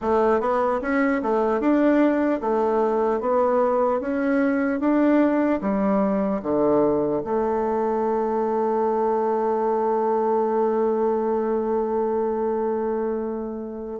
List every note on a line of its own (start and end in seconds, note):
0.01 0.40 A3
0.40 0.80 B3
0.81 1.21 C#4
1.22 1.60 A3
1.60 2.40 D4
2.40 3.20 A3
3.20 4.00 B3
4.00 4.80 C#4
4.80 5.60 D4
5.61 6.41 G3
6.42 7.22 D3
7.24 14.00 A3